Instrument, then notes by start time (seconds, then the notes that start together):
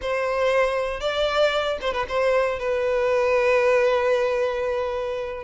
violin
0.01 C5
1.00 D5
1.81 C5
1.93 B4
2.08 C5
2.59 B4